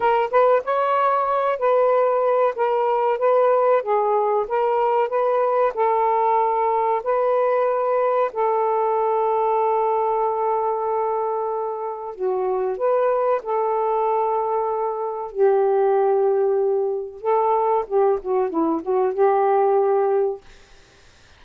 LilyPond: \new Staff \with { instrumentName = "saxophone" } { \time 4/4 \tempo 4 = 94 ais'8 b'8 cis''4. b'4. | ais'4 b'4 gis'4 ais'4 | b'4 a'2 b'4~ | b'4 a'2.~ |
a'2. fis'4 | b'4 a'2. | g'2. a'4 | g'8 fis'8 e'8 fis'8 g'2 | }